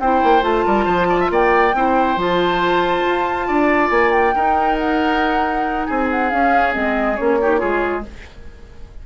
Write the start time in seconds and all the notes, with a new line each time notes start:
0.00 C4 E4 C5 G5
0.24 A#3
0.41 A3 F4 A5
0.66 G3 A#4
0.85 F3 C5
1.10 D5
1.20 E5
1.30 A#3 D5 G5
1.74 C4 E4 C5
2.16 F3 F4 A5
3.06 F4
3.48 D4 D5
3.90 A#3 G#5
4.12 G5
4.35 D#4 A#4
4.78 F#5
5.86 C4 G#4 G#5
6.11 F#5
6.29 C#4 F5
6.73 G#3 C4 D#5
7.16 A#3 C#4 C#5
7.42 D#4 G4
7.58 G#3 F4 G#4